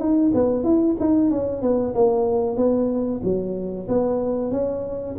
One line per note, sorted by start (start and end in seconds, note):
0.00 0.32 D#4
0.35 0.64 B3
0.64 0.96 E4
1.00 1.31 D#4
1.31 1.62 C#4
1.62 1.94 B3
1.95 2.57 A#3
2.57 3.21 B3
3.24 3.88 F#3
3.89 4.52 B3
4.52 5.16 C#4